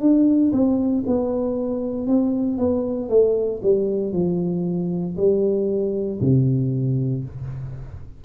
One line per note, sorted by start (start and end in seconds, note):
0.00 0.52 D4
0.52 1.04 C4
1.07 2.07 B3
2.07 2.58 C4
2.58 3.09 B3
3.09 3.61 A3
3.63 4.13 G3
4.13 5.16 F3
5.17 6.20 G3
6.21 7.24 C3